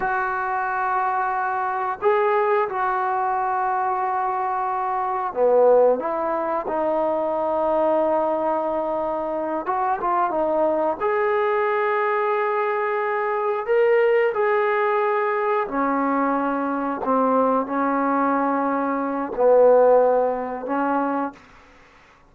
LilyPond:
\new Staff \with { instrumentName = "trombone" } { \time 4/4 \tempo 4 = 90 fis'2. gis'4 | fis'1 | b4 e'4 dis'2~ | dis'2~ dis'8 fis'8 f'8 dis'8~ |
dis'8 gis'2.~ gis'8~ | gis'8 ais'4 gis'2 cis'8~ | cis'4. c'4 cis'4.~ | cis'4 b2 cis'4 | }